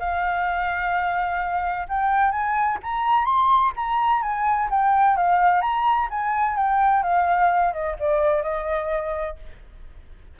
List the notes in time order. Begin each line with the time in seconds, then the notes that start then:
0.00 F5
1.89 G5
2.32 G#5
2.83 A#5
3.25 C6
3.77 A#5
4.23 G#5
4.71 G5
5.17 F5
5.62 A#5
6.11 G#5
6.57 G5
7.04 F5
7.73 D#5
8.00 D5
8.43 D#5